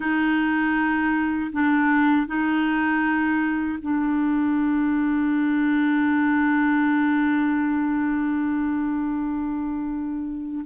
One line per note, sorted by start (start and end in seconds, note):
0.00 1.51 D#4
1.52 2.26 D4
2.26 3.78 D#4
3.81 10.65 D4